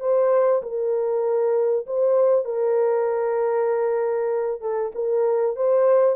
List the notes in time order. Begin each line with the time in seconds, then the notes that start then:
0.00 C5
0.62 A#4
1.86 C5
2.45 A#4
4.61 A4
4.95 A#4
5.56 C5